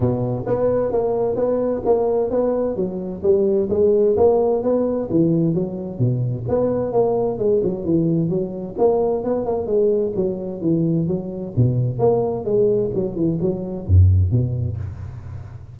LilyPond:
\new Staff \with { instrumentName = "tuba" } { \time 4/4 \tempo 4 = 130 b,4 b4 ais4 b4 | ais4 b4 fis4 g4 | gis4 ais4 b4 e4 | fis4 b,4 b4 ais4 |
gis8 fis8 e4 fis4 ais4 | b8 ais8 gis4 fis4 e4 | fis4 b,4 ais4 gis4 | fis8 e8 fis4 fis,4 b,4 | }